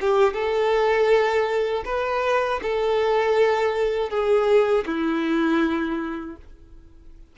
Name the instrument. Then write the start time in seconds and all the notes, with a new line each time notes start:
violin
0.00 G4
0.33 A4
1.85 B4
2.62 A4
4.09 G#4
4.86 E4